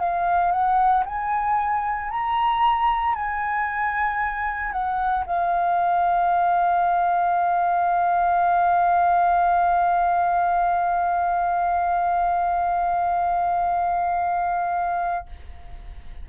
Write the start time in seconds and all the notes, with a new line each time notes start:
0.00 F5
0.52 F#5
1.06 G#5
2.11 A#5
3.16 G#5
4.73 F#5
5.26 F5